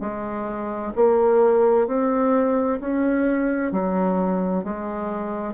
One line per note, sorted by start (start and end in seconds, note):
0.00 0.92 G#3
0.95 1.87 A#3
1.87 2.79 C4
2.80 3.72 C#4
3.72 4.63 F#3
4.63 5.53 G#3